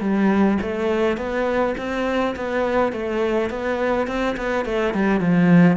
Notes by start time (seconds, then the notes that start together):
0.00 G3
0.61 A3
1.17 B3
1.77 C4
2.36 B3
2.92 A3
3.50 B3
4.07 C4
4.36 B3
4.65 A3
4.94 G3
5.20 F3